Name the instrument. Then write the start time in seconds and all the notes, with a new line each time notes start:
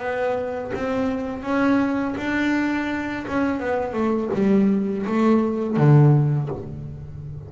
double bass
0.00 B3
0.75 C4
1.43 C#4
2.18 D4
3.28 C#4
3.60 B3
3.94 A3
4.34 G3
5.06 A3
5.77 D3